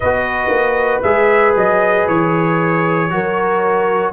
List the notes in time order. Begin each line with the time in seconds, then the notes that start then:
0.00 B3 F#4 B4 D#5
0.48 A#3
1.02 G#3 G#4 E5
1.55 F#3 D#5
2.08 E3 C#5
3.10 F#3 F#4 A#4